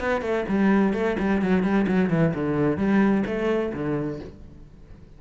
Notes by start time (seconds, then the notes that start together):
0.00 B3
0.22 A3
0.49 G3
0.94 A3
1.19 G3
1.42 F#3
1.63 G3
1.88 F#3
2.10 E3
2.35 D3
2.78 G3
3.26 A3
3.74 D3